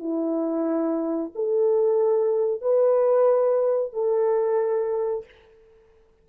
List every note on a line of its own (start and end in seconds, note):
0.00 1.32 E4
1.35 2.62 A4
2.62 3.94 B4
3.94 5.25 A4